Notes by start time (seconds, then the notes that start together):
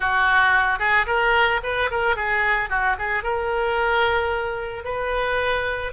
0.00 F#4
0.79 G#4
1.06 A#4
1.63 B4
1.90 A#4
2.15 G#4
2.69 F#4
2.98 G#4
3.23 A#4
4.84 B4